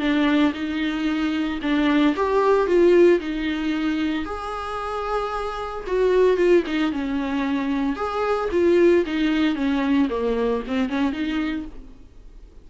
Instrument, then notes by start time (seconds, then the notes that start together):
viola
0.00 D4
0.54 D#4
1.62 D4
2.16 G4
2.67 F4
3.20 D#4
4.25 G#4
5.87 F#4
6.37 F4
6.67 D#4
6.92 C#4
7.96 G#4
8.52 F4
9.06 D#4
9.56 C#4
10.10 A#3
10.67 C4
10.89 C#4
11.13 D#4